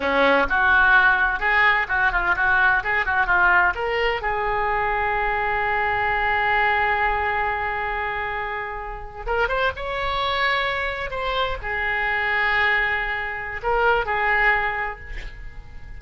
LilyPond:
\new Staff \with { instrumentName = "oboe" } { \time 4/4 \tempo 4 = 128 cis'4 fis'2 gis'4 | fis'8 f'8 fis'4 gis'8 fis'8 f'4 | ais'4 gis'2.~ | gis'1~ |
gis'2.~ gis'8. ais'16~ | ais'16 c''8 cis''2. c''16~ | c''8. gis'2.~ gis'16~ | gis'4 ais'4 gis'2 | }